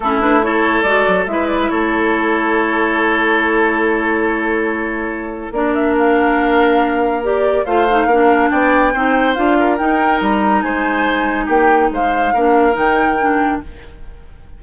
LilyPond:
<<
  \new Staff \with { instrumentName = "flute" } { \time 4/4 \tempo 4 = 141 a'8 b'8 cis''4 d''4 e''8 d''16 e''16 | cis''1~ | cis''1~ | cis''4 d''8 e''8 f''2~ |
f''4 d''4 f''2 | g''2 f''4 g''4 | ais''4 gis''2 g''4 | f''2 g''2 | }
  \new Staff \with { instrumentName = "oboe" } { \time 4/4 e'4 a'2 b'4 | a'1~ | a'1~ | a'4 ais'2.~ |
ais'2 c''4 ais'4 | d''4 c''4. ais'4.~ | ais'4 c''2 g'4 | c''4 ais'2. | }
  \new Staff \with { instrumentName = "clarinet" } { \time 4/4 cis'8 d'8 e'4 fis'4 e'4~ | e'1~ | e'1~ | e'4 d'2.~ |
d'4 g'4 f'8 dis'8 d'4~ | d'4 dis'4 f'4 dis'4~ | dis'1~ | dis'4 d'4 dis'4 d'4 | }
  \new Staff \with { instrumentName = "bassoon" } { \time 4/4 a2 gis8 fis8 gis4 | a1~ | a1~ | a4 ais2.~ |
ais2 a4 ais4 | b4 c'4 d'4 dis'4 | g4 gis2 ais4 | gis4 ais4 dis2 | }
>>